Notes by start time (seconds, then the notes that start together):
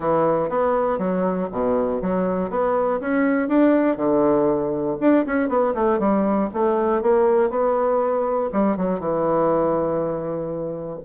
0.00 E3
0.49 B3
0.98 F#3
1.52 B2
2.01 F#3
2.50 B3
3.00 C#4
3.48 D4
3.96 D3
5.00 D4
5.26 C#4
5.48 B3
5.74 A3
5.99 G3
6.53 A3
7.02 A#3
7.50 B3
8.52 G3
8.76 F#3
8.99 E3